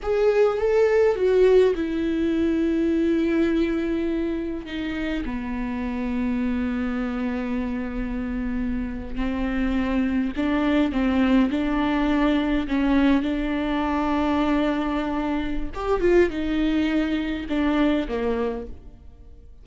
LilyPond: \new Staff \with { instrumentName = "viola" } { \time 4/4 \tempo 4 = 103 gis'4 a'4 fis'4 e'4~ | e'1 | dis'4 b2.~ | b2.~ b8. c'16~ |
c'4.~ c'16 d'4 c'4 d'16~ | d'4.~ d'16 cis'4 d'4~ d'16~ | d'2. g'8 f'8 | dis'2 d'4 ais4 | }